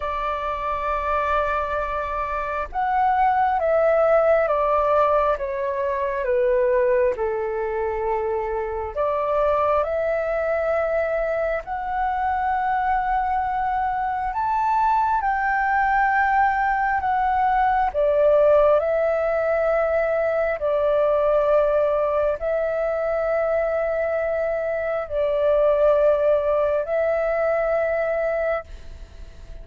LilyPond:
\new Staff \with { instrumentName = "flute" } { \time 4/4 \tempo 4 = 67 d''2. fis''4 | e''4 d''4 cis''4 b'4 | a'2 d''4 e''4~ | e''4 fis''2. |
a''4 g''2 fis''4 | d''4 e''2 d''4~ | d''4 e''2. | d''2 e''2 | }